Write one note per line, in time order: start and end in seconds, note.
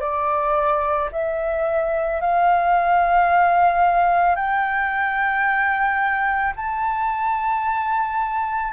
0.00 1.09 D5
1.12 2.21 E5
2.21 4.35 F5
4.35 6.53 G5
6.56 8.72 A5